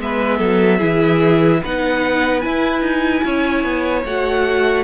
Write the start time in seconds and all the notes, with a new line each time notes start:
0.00 G#3 B3 B4 E5
0.38 F#3 A4
0.78 E3 E4 G#4
1.62 B3 D#4 B4 F#5
2.41 E4 G#5
2.81 D#4
3.25 C#4 C#5
3.64 B3
4.05 A3 F#4 F#5